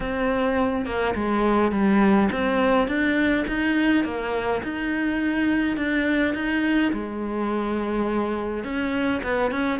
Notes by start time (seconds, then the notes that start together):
0.00 C4
0.85 A#3
1.14 G#3
1.72 G3
2.31 C4
2.87 D4
3.47 D#4
4.04 A#3
4.63 D#4
5.77 D4
6.34 D#4
6.93 G#3
8.64 C#4
9.23 B3
9.51 C#4